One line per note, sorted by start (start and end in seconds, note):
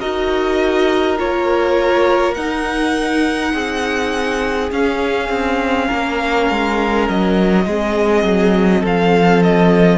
0.00 1.19 D#4
0.00 1.17 F#4
0.00 3.53 A#4
0.00 1.18 D#5
1.17 2.37 A#3
1.17 2.35 F4
1.17 2.34 C#5
2.34 3.53 D#4
2.34 4.71 D#4
2.34 4.70 F#5
3.53 4.71 C4
3.53 5.87 G#4
4.71 7.65 C#4
4.71 5.29 C#4
4.71 7.08 F5
5.29 5.88 C4
5.87 6.50 A#3
5.87 7.63 A#4
6.50 7.09 G#3
7.09 7.66 F#3
7.09 8.86 D#5
7.66 8.24 G#3
7.66 9.99 C4
7.66 8.81 G#4
8.24 8.83 F#3
8.81 9.99 F3
8.81 9.98 A4
8.81 9.43 F5
9.43 9.99 D#5